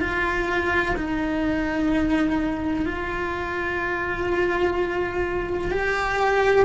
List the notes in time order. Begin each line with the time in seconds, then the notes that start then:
0.00 F4
0.96 D#4
2.85 F4
5.71 G4